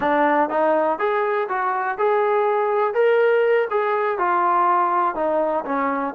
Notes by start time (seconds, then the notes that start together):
0.00 D4
0.49 D#4
0.98 G#4
1.48 F#4
1.97 G#4
2.94 A#4
3.70 G#4
4.18 F4
5.15 D#4
5.65 C#4